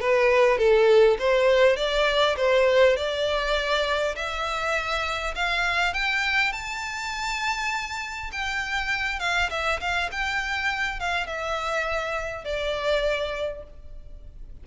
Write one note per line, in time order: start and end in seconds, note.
0.00 0.58 B4
0.58 1.17 A4
1.19 1.76 C5
1.76 2.35 D5
2.37 2.96 C5
2.96 4.14 D5
4.15 5.34 E5
5.35 5.93 F5
5.93 6.52 G5
6.52 8.30 A5
8.32 9.19 G5
9.19 9.49 F5
9.50 9.79 E5
9.80 10.10 F5
10.12 10.99 G5
10.99 11.26 F5
11.26 12.44 E5
12.44 13.63 D5